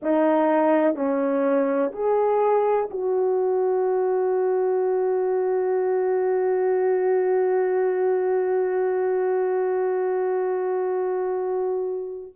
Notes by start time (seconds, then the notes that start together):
0.02 D#4
0.95 C#4
1.92 G#4
2.90 F#4